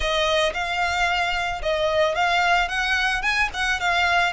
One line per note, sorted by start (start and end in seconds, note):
0.00 0.52 D#5
0.53 1.61 F5
1.62 2.15 D#5
2.15 2.68 F5
2.68 3.22 F#5
3.22 3.49 G#5
3.53 3.80 F#5
3.80 4.32 F5